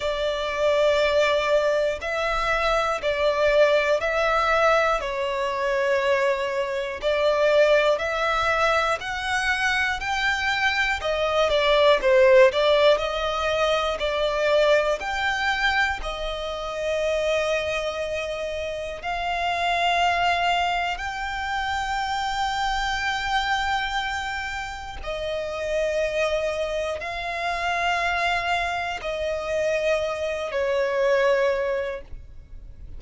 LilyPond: \new Staff \with { instrumentName = "violin" } { \time 4/4 \tempo 4 = 60 d''2 e''4 d''4 | e''4 cis''2 d''4 | e''4 fis''4 g''4 dis''8 d''8 | c''8 d''8 dis''4 d''4 g''4 |
dis''2. f''4~ | f''4 g''2.~ | g''4 dis''2 f''4~ | f''4 dis''4. cis''4. | }